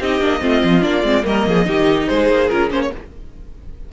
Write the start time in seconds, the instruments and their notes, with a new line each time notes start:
0.00 cello C4, viola D#4, violin G4 D#5
0.21 cello A#3, viola D4
0.41 cello A3, viola C4, violin F4
0.64 cello F3
0.82 cello A#3, viola D4, violin D5
1.04 cello G#3, viola C4
1.24 cello G3, viola A#3, violin A#4 D#5
1.47 cello F3, violin G#4
1.65 cello D#3, viola D#4, violin G4
2.08 cello G#3, violin G#4 C5
2.30 cello A#3
2.49 cello C#4, viola F4, violin A#4
2.70 cello A#3, viola C#4, violin C5
2.82 violin C#5